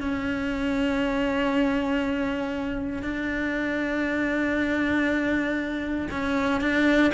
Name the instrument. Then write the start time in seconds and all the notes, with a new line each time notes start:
cello
0.00 C#4
3.02 D4
6.11 C#4
6.60 D4